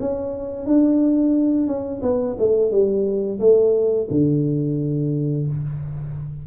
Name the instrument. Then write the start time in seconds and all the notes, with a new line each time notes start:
tuba
0.00 C#4
0.66 D4
1.67 C#4
2.02 B3
2.39 A3
2.71 G3
3.40 A3
4.10 D3